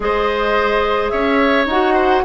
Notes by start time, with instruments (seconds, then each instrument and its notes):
0.00 bassoon G#3, clarinet G#4, oboe C5, flute D#5
1.09 bassoon C#4, oboe C#5, flute E5
1.66 bassoon D#4, clarinet F#4, flute F#5
1.94 oboe C5